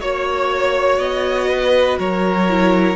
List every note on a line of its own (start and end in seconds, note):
0.00 0.98 A#3
0.00 2.49 F#4
0.00 1.48 C#5
0.00 0.98 C#5
0.98 1.98 B3
0.98 1.98 D#5
1.48 1.98 B4
1.98 2.95 F#3
1.98 2.95 A#4
1.98 2.95 C#5
2.49 2.95 E4